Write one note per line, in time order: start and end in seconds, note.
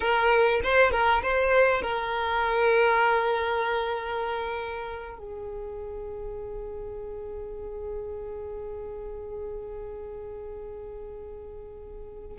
0.00 0.60 A#4
0.63 0.91 C5
0.91 1.21 A#4
1.22 1.82 C5
1.82 5.18 A#4
5.18 12.37 G#4